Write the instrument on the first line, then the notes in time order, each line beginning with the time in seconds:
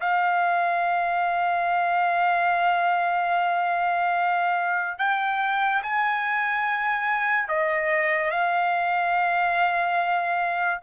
trumpet
0.00 F5
4.98 G5
5.82 G#5
7.48 D#5
8.31 F5